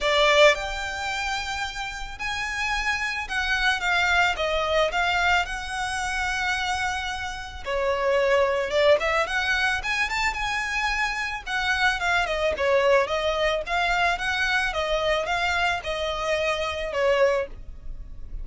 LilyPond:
\new Staff \with { instrumentName = "violin" } { \time 4/4 \tempo 4 = 110 d''4 g''2. | gis''2 fis''4 f''4 | dis''4 f''4 fis''2~ | fis''2 cis''2 |
d''8 e''8 fis''4 gis''8 a''8 gis''4~ | gis''4 fis''4 f''8 dis''8 cis''4 | dis''4 f''4 fis''4 dis''4 | f''4 dis''2 cis''4 | }